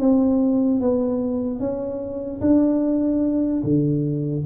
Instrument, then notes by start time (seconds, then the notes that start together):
tuba
0.00 C4
0.81 B3
1.60 C#4
2.41 D4
3.64 D3